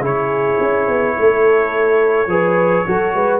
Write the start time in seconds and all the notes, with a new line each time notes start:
0.00 C#3 E4 G#4 C#5
0.60 C#4
0.88 B3
1.19 A3 A4
2.27 F3 G#4 B4
2.87 F#3 F#4 A4
3.14 G#3 B4